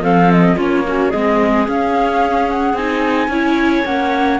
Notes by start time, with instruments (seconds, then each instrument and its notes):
0.00 cello F3, viola C4, clarinet A4, flute F5
0.31 flute D#5
0.56 cello A#3, viola C#4, clarinet F4, flute C#5
0.86 clarinet C#4, viola F#4
1.10 cello G#3, viola C4, clarinet G#4, flute D#5
1.66 viola C#4, cello C#4, flute F5
2.50 flute F#5
2.74 cello C4, viola D#4, flute G#5
3.28 cello C#4, viola E4, clarinet C#5
3.85 cello A#3, viola C#4, flute F#5